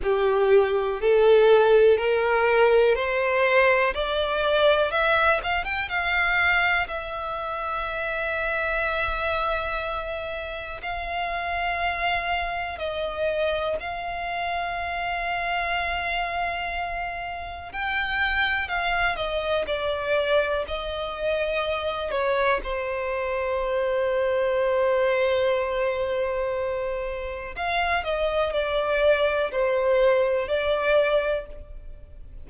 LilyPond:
\new Staff \with { instrumentName = "violin" } { \time 4/4 \tempo 4 = 61 g'4 a'4 ais'4 c''4 | d''4 e''8 f''16 g''16 f''4 e''4~ | e''2. f''4~ | f''4 dis''4 f''2~ |
f''2 g''4 f''8 dis''8 | d''4 dis''4. cis''8 c''4~ | c''1 | f''8 dis''8 d''4 c''4 d''4 | }